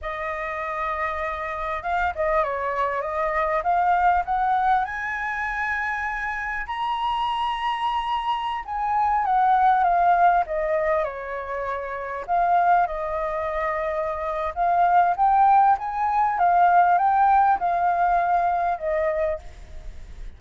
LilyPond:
\new Staff \with { instrumentName = "flute" } { \time 4/4 \tempo 4 = 99 dis''2. f''8 dis''8 | cis''4 dis''4 f''4 fis''4 | gis''2. ais''4~ | ais''2~ ais''16 gis''4 fis''8.~ |
fis''16 f''4 dis''4 cis''4.~ cis''16~ | cis''16 f''4 dis''2~ dis''8. | f''4 g''4 gis''4 f''4 | g''4 f''2 dis''4 | }